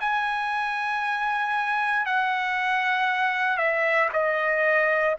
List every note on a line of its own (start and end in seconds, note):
0.00 2.05 G#5
2.05 3.57 F#5
3.57 4.09 E5
4.13 5.16 D#5